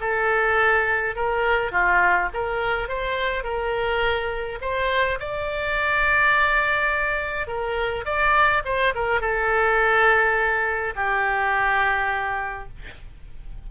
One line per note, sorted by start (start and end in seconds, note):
0.00 1.15 A4
1.15 1.71 A#4
1.71 2.29 F4
2.33 2.88 A#4
2.88 3.43 C5
3.43 4.58 A#4
4.61 5.18 C5
5.19 7.47 D5
7.47 8.05 A#4
8.05 8.62 D5
8.64 8.93 C5
8.94 9.20 A#4
9.20 10.94 A4
10.95 12.68 G4